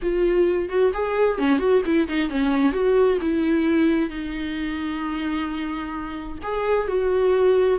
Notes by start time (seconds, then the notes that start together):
0.02 F4
0.69 F#4
0.93 G#4
1.38 C#4
1.59 F#4
1.85 E4
2.08 D#4
2.29 C#4
2.72 F#4
3.21 E4
4.09 D#4
6.42 G#4
6.87 F#4